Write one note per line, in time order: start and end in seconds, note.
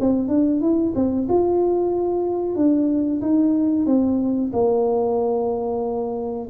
0.00 0.28 C4
0.28 0.60 D4
0.61 0.93 E4
0.95 1.28 C4
1.29 2.56 F4
2.56 3.21 D4
3.21 3.86 D#4
3.86 4.51 C4
4.53 6.48 A#3